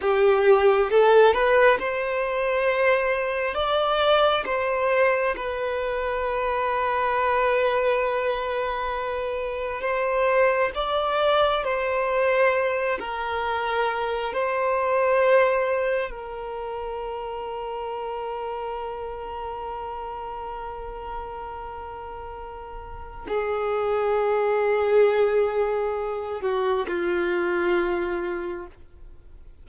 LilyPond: \new Staff \with { instrumentName = "violin" } { \time 4/4 \tempo 4 = 67 g'4 a'8 b'8 c''2 | d''4 c''4 b'2~ | b'2. c''4 | d''4 c''4. ais'4. |
c''2 ais'2~ | ais'1~ | ais'2 gis'2~ | gis'4. fis'8 f'2 | }